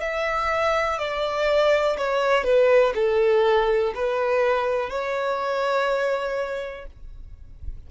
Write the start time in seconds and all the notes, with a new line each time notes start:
0.00 E5
0.98 D5
1.98 C#5
2.44 B4
2.95 A4
3.94 B4
4.90 C#5